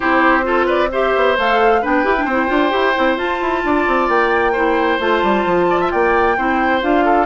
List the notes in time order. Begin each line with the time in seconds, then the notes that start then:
0.00 C4 E4 G4 C5
0.43 F4 A4
0.65 B4 D5
0.92 G4 C5 E5
1.16 B3
1.37 A3 A4 F5
1.81 B3 D4 B4 G5
2.04 E4 G4
2.17 D4
2.25 C4 C5
2.31 E4
2.47 D4 F4
2.70 E4 G4
2.95 C4 E4
3.16 F4 A5
3.41 E4
3.64 D4 D5
3.87 C4
4.08 A#3 G5
4.52 E4 C5
4.99 A3 F4 A5
5.22 G3
5.45 F3
5.70 D5
5.80 E5
5.90 A#3 D5 G5
6.37 C4 E4 C5
6.81 D4 F4 F5
7.04 A4